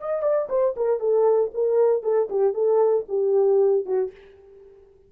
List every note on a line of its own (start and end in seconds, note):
0.00 0.23 D#5
0.23 0.48 D5
0.49 0.75 C5
0.76 1.00 A#4
1.00 1.51 A4
1.54 2.03 A#4
2.03 2.28 A4
2.30 2.54 G4
2.54 3.05 A4
3.09 3.86 G4
3.86 4.11 F#4